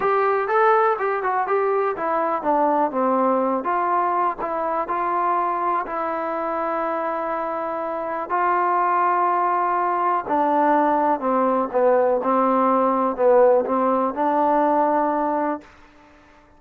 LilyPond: \new Staff \with { instrumentName = "trombone" } { \time 4/4 \tempo 4 = 123 g'4 a'4 g'8 fis'8 g'4 | e'4 d'4 c'4. f'8~ | f'4 e'4 f'2 | e'1~ |
e'4 f'2.~ | f'4 d'2 c'4 | b4 c'2 b4 | c'4 d'2. | }